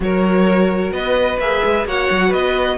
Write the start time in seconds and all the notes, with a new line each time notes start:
0.00 F#3 F#4 A#4 C#5
0.91 B3 B4 D#5
1.38 A#3 G#4 E5
1.64 G#3
1.85 A#3 F#4 C#5 F#5
2.10 F#3
2.28 B3 B4 D#5